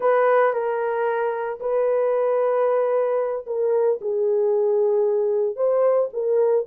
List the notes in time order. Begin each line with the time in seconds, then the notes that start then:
0.00 B4
0.53 A#4
1.60 B4
3.46 A#4
4.01 G#4
5.56 C5
6.13 A#4